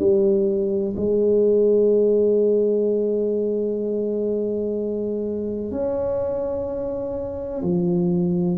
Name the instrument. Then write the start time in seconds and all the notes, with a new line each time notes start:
tuba
0.00 G3
0.97 G#3
5.71 C#4
7.63 F3